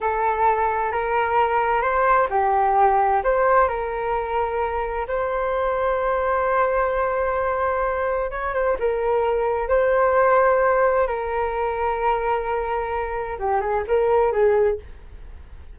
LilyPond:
\new Staff \with { instrumentName = "flute" } { \time 4/4 \tempo 4 = 130 a'2 ais'2 | c''4 g'2 c''4 | ais'2. c''4~ | c''1~ |
c''2 cis''8 c''8 ais'4~ | ais'4 c''2. | ais'1~ | ais'4 g'8 gis'8 ais'4 gis'4 | }